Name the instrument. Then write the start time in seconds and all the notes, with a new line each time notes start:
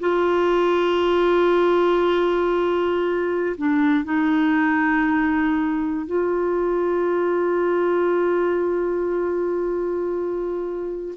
clarinet
0.00 F4
3.57 D4
4.04 D#4
6.06 F4